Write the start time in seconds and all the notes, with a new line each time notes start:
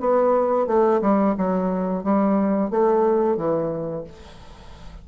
0.00 B3
0.67 A3
1.02 G3
1.38 F#3
2.04 G3
2.71 A3
3.37 E3